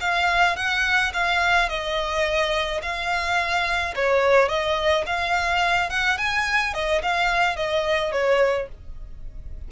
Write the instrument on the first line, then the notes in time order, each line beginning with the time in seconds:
violin
0.00 F5
0.56 F#5
1.13 F5
1.68 D#5
2.82 F5
3.95 C#5
4.48 D#5
5.06 F5
5.89 F#5
6.18 G#5
6.73 D#5
7.02 F5
7.56 D#5
8.12 C#5